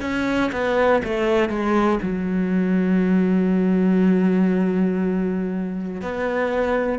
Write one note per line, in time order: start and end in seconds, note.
0.00 0.50 C#4
0.51 1.01 B3
1.04 1.49 A3
1.49 1.99 G#3
2.02 6.01 F#3
6.01 6.99 B3